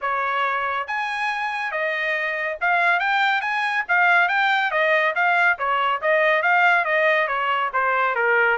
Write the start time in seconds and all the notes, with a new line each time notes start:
0.01 C#5
0.87 G#5
1.71 D#5
2.60 F5
2.99 G5
3.41 G#5
3.88 F5
4.28 G5
4.71 D#5
5.15 F5
5.58 C#5
6.01 D#5
6.42 F5
6.85 D#5
7.27 C#5
7.73 C5
8.15 A#4